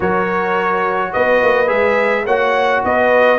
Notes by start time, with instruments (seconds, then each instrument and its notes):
0.00 tuba F#3, trombone F#4, horn A#4, trumpet C#5
1.12 tuba B3, horn B4, trumpet D#5
1.42 tuba A#3
1.67 tuba G#3, trombone G#4, trumpet E5
2.25 tuba A#3, trombone F#4, horn C#5, trumpet F#5
2.84 tuba B3, horn B4, trumpet D#5